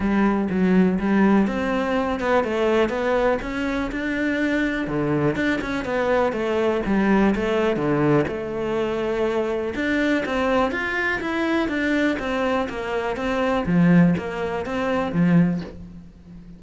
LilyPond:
\new Staff \with { instrumentName = "cello" } { \time 4/4 \tempo 4 = 123 g4 fis4 g4 c'4~ | c'8 b8 a4 b4 cis'4 | d'2 d4 d'8 cis'8 | b4 a4 g4 a4 |
d4 a2. | d'4 c'4 f'4 e'4 | d'4 c'4 ais4 c'4 | f4 ais4 c'4 f4 | }